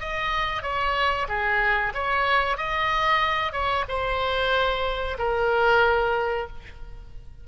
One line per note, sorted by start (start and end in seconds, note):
0.00 0.62 D#5
0.62 1.27 C#5
1.28 1.93 G#4
1.94 2.57 C#5
2.57 3.52 D#5
3.52 3.84 C#5
3.89 5.18 C5
5.18 6.48 A#4